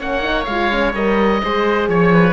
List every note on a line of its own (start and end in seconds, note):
0.00 0.48 A#3
0.00 0.21 C#4
0.00 1.42 C#5
0.00 0.45 F#5
0.21 0.45 D#4
0.45 0.94 G#3
0.45 0.72 F4
0.45 0.92 F5
0.72 0.95 C#4
0.94 1.42 G3
0.94 1.42 A#4
0.94 1.90 D#5
1.44 1.89 G#3
1.44 2.33 G#4
1.44 1.90 C5
1.89 2.33 F3
1.89 2.33 C#5
1.89 2.14 C#5
2.14 2.33 B4